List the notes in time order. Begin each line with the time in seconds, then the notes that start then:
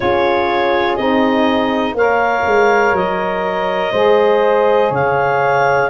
0.00 C#4 F4 G#4 C#5
0.96 C4 D#4 D#5
1.94 A#3 A#4 C#5 F5
2.45 G#3
2.92 F#3 D#5
3.92 G#3 G#4 C5
4.90 C#3 C#5 F5